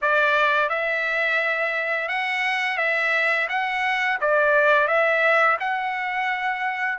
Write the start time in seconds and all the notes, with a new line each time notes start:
0.01 D5
0.69 E5
2.08 F#5
2.77 E5
3.49 F#5
4.20 D5
4.87 E5
5.60 F#5